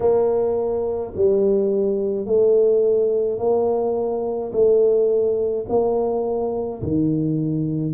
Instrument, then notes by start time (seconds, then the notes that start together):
tuba
0.00 A#3
1.15 G3
2.25 A3
3.38 A#3
4.52 A3
5.69 A#3
6.82 D#3